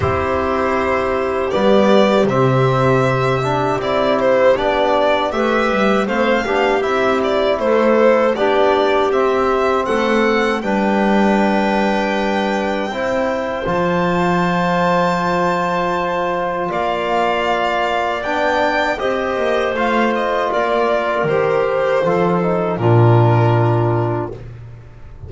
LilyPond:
<<
  \new Staff \with { instrumentName = "violin" } { \time 4/4 \tempo 4 = 79 c''2 d''4 e''4~ | e''4 d''8 c''8 d''4 e''4 | f''4 e''8 d''8 c''4 d''4 | e''4 fis''4 g''2~ |
g''2 a''2~ | a''2 f''2 | g''4 dis''4 f''8 dis''8 d''4 | c''2 ais'2 | }
  \new Staff \with { instrumentName = "clarinet" } { \time 4/4 g'1~ | g'2. b'4 | c''8 g'4. a'4 g'4~ | g'4 a'4 b'2~ |
b'4 c''2.~ | c''2 d''2~ | d''4 c''2 ais'4~ | ais'4 a'4 f'2 | }
  \new Staff \with { instrumentName = "trombone" } { \time 4/4 e'2 b4 c'4~ | c'8 d'8 e'4 d'4 g'4 | c'8 d'8 e'2 d'4 | c'2 d'2~ |
d'4 e'4 f'2~ | f'1 | d'4 g'4 f'2 | g'4 f'8 dis'8 d'2 | }
  \new Staff \with { instrumentName = "double bass" } { \time 4/4 c'2 g4 c4~ | c4 c'4 b4 a8 g8 | a8 b8 c'4 a4 b4 | c'4 a4 g2~ |
g4 c'4 f2~ | f2 ais2 | b4 c'8 ais8 a4 ais4 | dis4 f4 ais,2 | }
>>